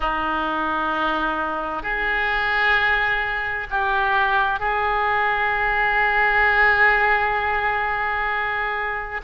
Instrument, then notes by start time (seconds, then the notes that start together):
oboe
0.00 D#4
1.82 G#4
3.70 G4
4.59 G#4